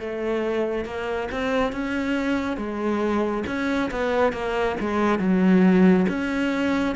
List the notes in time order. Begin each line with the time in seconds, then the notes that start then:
0.00 A3
0.85 A#3
1.32 C4
1.72 C#4
2.57 G#3
3.47 C#4
3.91 B3
4.33 A#3
4.80 G#3
5.19 F#3
6.09 C#4